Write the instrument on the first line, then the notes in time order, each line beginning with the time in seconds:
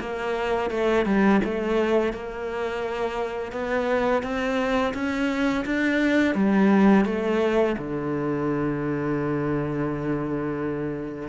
cello
0.00 A#3
0.70 A3
1.06 G3
1.45 A3
2.13 A#3
3.52 B3
4.23 C4
4.94 C#4
5.65 D4
6.35 G3
7.05 A3
7.78 D3